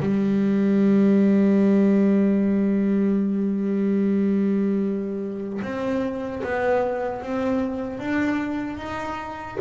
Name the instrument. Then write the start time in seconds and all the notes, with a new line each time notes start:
double bass
0.00 G3
5.62 C4
6.43 B3
7.23 C4
7.99 D4
8.77 D#4